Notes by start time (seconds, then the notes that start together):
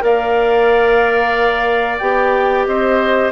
0.00 A#3 A#4 D5 F5
1.98 B3 G4 G5
2.65 C4 C5 D#5